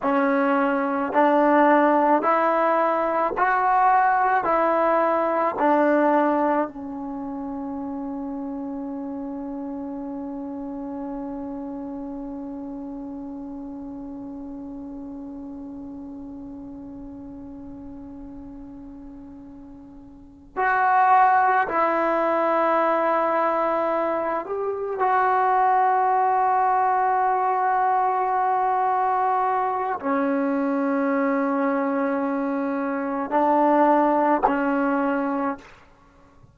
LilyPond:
\new Staff \with { instrumentName = "trombone" } { \time 4/4 \tempo 4 = 54 cis'4 d'4 e'4 fis'4 | e'4 d'4 cis'2~ | cis'1~ | cis'1~ |
cis'2~ cis'8 fis'4 e'8~ | e'2 g'8 fis'4.~ | fis'2. cis'4~ | cis'2 d'4 cis'4 | }